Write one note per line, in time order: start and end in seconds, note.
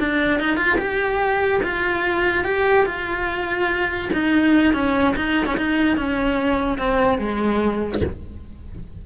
0.00 0.40 D4
0.40 0.57 D#4
0.57 0.78 F4
0.79 1.62 G4
1.63 2.45 F4
2.45 2.86 G4
2.86 4.10 F4
4.14 4.74 D#4
4.74 5.16 C#4
5.17 5.47 D#4
5.47 5.57 C#4
5.58 5.97 D#4
5.97 6.79 C#4
6.79 7.19 C4
7.19 8.02 G#3